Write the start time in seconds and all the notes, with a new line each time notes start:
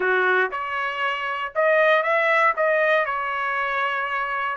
0.00 F#4
0.51 C#5
1.55 D#5
2.02 E5
2.56 D#5
3.05 C#5